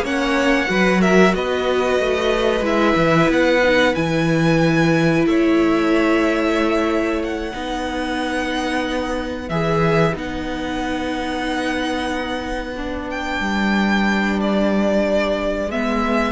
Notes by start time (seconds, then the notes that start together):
0.00 A#3 C#4 C#5 F#5
0.66 F#3 F#4 B4
1.01 A#4 E5
1.34 B3 B4 D#5
1.99 A3
2.61 G#3 E4 E5
2.95 E3
3.28 B3 F#5
3.63 D#4
3.94 E3 E4 G#5
5.25 A3 C#5 E5
7.23 F#5
7.51 B3 D#4 B4
9.49 E3 G#4 E5
10.13 B3 D#4 F#5
12.76 D4
13.09 G5
13.39 G3
14.40 D5
15.67 G#3 B3 E5